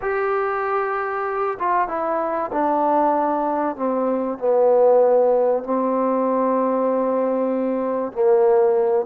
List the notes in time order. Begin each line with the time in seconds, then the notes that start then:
0.01 G4
1.59 F4
1.88 E4
2.52 D4
3.76 C4
4.38 B3
5.63 C4
8.12 A#3